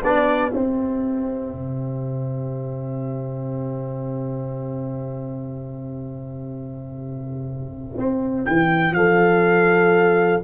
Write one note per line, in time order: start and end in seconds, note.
0.00 0.53 B3
0.00 0.52 D4
0.00 8.93 G4
0.00 0.51 D5
0.51 10.44 C4
0.51 1.53 C4
0.51 8.45 E5
1.53 7.98 C3
7.98 8.47 C4
8.46 8.91 E3
8.46 8.94 G5
8.91 10.40 F3
8.91 10.44 A4
8.91 10.43 F5